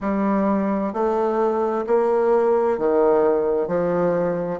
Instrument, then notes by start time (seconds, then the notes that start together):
bassoon
0.00 G3
0.93 A3
1.86 A#3
2.78 D#3
3.67 F3